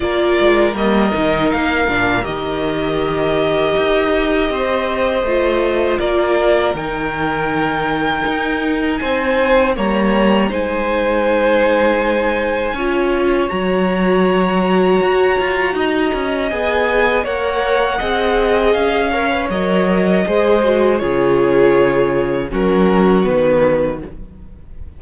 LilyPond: <<
  \new Staff \with { instrumentName = "violin" } { \time 4/4 \tempo 4 = 80 d''4 dis''4 f''4 dis''4~ | dis''1 | d''4 g''2. | gis''4 ais''4 gis''2~ |
gis''2 ais''2~ | ais''2 gis''4 fis''4~ | fis''4 f''4 dis''2 | cis''2 ais'4 b'4 | }
  \new Staff \with { instrumentName = "violin" } { \time 4/4 ais'1~ | ais'2 c''2 | ais'1 | c''4 cis''4 c''2~ |
c''4 cis''2.~ | cis''4 dis''2 cis''4 | dis''4. cis''4. c''4 | gis'2 fis'2 | }
  \new Staff \with { instrumentName = "viola" } { \time 4/4 f'4 ais8 dis'4 d'8 g'4~ | g'2. f'4~ | f'4 dis'2.~ | dis'4 ais4 dis'2~ |
dis'4 f'4 fis'2~ | fis'2 gis'4 ais'4 | gis'4. ais'16 b'16 ais'4 gis'8 fis'8 | f'2 cis'4 b4 | }
  \new Staff \with { instrumentName = "cello" } { \time 4/4 ais8 gis8 g8 dis8 ais8 ais,8 dis4~ | dis4 dis'4 c'4 a4 | ais4 dis2 dis'4 | c'4 g4 gis2~ |
gis4 cis'4 fis2 | fis'8 f'8 dis'8 cis'8 b4 ais4 | c'4 cis'4 fis4 gis4 | cis2 fis4 dis4 | }
>>